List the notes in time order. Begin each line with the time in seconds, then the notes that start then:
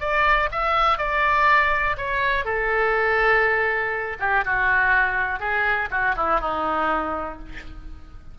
0.00 D5
0.52 E5
0.98 D5
1.98 C#5
2.45 A4
4.20 G4
4.45 F#4
5.40 G#4
5.91 F#4
6.16 E4
6.41 D#4